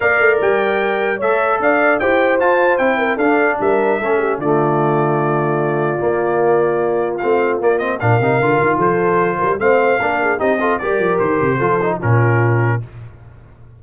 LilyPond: <<
  \new Staff \with { instrumentName = "trumpet" } { \time 4/4 \tempo 4 = 150 f''4 g''2 e''4 | f''4 g''4 a''4 g''4 | f''4 e''2 d''4~ | d''1~ |
d''2 f''4 d''8 dis''8 | f''2 c''2 | f''2 dis''4 d''4 | c''2 ais'2 | }
  \new Staff \with { instrumentName = "horn" } { \time 4/4 d''2. cis''4 | d''4 c''2~ c''8 ais'8 | a'4 ais'4 a'8 g'8 f'4~ | f'1~ |
f'1 | ais'2 a'4. ais'8 | c''4 ais'8 gis'8 g'8 a'8 ais'4~ | ais'4 a'4 f'2 | }
  \new Staff \with { instrumentName = "trombone" } { \time 4/4 ais'2. a'4~ | a'4 g'4 f'4 e'4 | d'2 cis'4 a4~ | a2. ais4~ |
ais2 c'4 ais8 c'8 | d'8 dis'8 f'2. | c'4 d'4 dis'8 f'8 g'4~ | g'4 f'8 dis'8 cis'2 | }
  \new Staff \with { instrumentName = "tuba" } { \time 4/4 ais8 a8 g2 a4 | d'4 e'4 f'4 c'4 | d'4 g4 a4 d4~ | d2. ais4~ |
ais2 a4 ais4 | ais,8 c8 d8 dis8 f4. g8 | a4 ais4 c'4 g8 f8 | dis8 c8 f4 ais,2 | }
>>